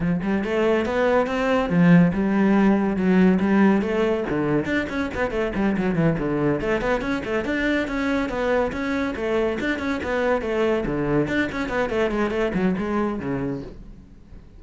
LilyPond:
\new Staff \with { instrumentName = "cello" } { \time 4/4 \tempo 4 = 141 f8 g8 a4 b4 c'4 | f4 g2 fis4 | g4 a4 d4 d'8 cis'8 | b8 a8 g8 fis8 e8 d4 a8 |
b8 cis'8 a8 d'4 cis'4 b8~ | b8 cis'4 a4 d'8 cis'8 b8~ | b8 a4 d4 d'8 cis'8 b8 | a8 gis8 a8 fis8 gis4 cis4 | }